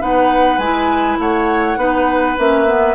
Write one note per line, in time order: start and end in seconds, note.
0.00 0.57 B3
0.00 0.59 D#4
0.00 1.18 B4
0.00 0.58 F#5
0.57 1.16 G#3
0.57 1.77 E4
0.57 1.17 G#5
1.18 1.76 A3
1.18 1.78 C#5
1.18 2.37 F#5
1.76 2.35 B3
1.76 2.36 D#4
1.76 2.95 B4
2.37 2.95 A#3
2.37 2.66 C#4
2.37 2.95 E5
2.66 2.95 B3